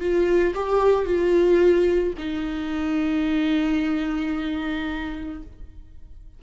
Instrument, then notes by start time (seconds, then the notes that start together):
viola
0.00 F4
0.55 G4
1.05 F4
2.18 D#4